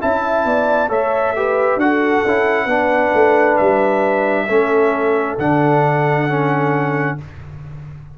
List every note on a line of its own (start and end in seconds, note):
0.00 0.45 C#4
0.00 0.88 E4
0.00 0.46 E5
0.00 0.91 A5
0.45 0.90 B3
0.45 0.89 D5
0.88 1.76 A3
0.88 1.33 A4
0.88 1.34 C#5
0.88 1.79 E5
1.36 1.80 G4
1.36 1.81 B4
1.76 2.21 D4
1.76 2.25 F#4
1.76 2.65 A4
1.76 3.57 F#5
2.25 2.66 C#4
2.25 2.68 E4
2.65 3.11 B3
2.65 4.48 D4
2.65 4.44 B4
3.14 3.58 A3
3.57 4.48 G3
3.57 5.36 E5
4.48 5.38 A3
4.48 5.39 C#4
4.48 7.17 A4
5.38 7.17 D3
5.38 6.28 D4
5.38 7.18 F#5
6.28 7.18 C#4